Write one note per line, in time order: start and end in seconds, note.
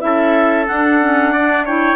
0.00 0.68 C#4
0.00 0.65 E4
0.00 1.32 A4
0.00 0.65 E5
0.67 1.01 D4
0.67 1.96 D4
0.67 1.65 F#5
1.01 1.33 C#4
1.32 1.68 D4
1.32 1.65 D5
1.65 1.96 E4
1.65 1.96 C#5
1.65 1.96 G5